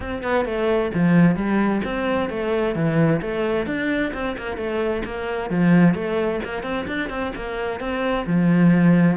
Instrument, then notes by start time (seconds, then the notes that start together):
cello
0.00 C4
0.22 B3
0.45 A3
0.94 F3
1.35 G3
1.84 C4
2.29 A3
2.75 E3
3.21 A3
3.66 D4
4.13 C4
4.37 A#3
4.57 A3
5.05 A#3
5.49 F3
5.94 A3
6.44 A#3
6.62 C4
6.87 D4
7.09 C4
7.35 A#3
7.80 C4
8.26 F3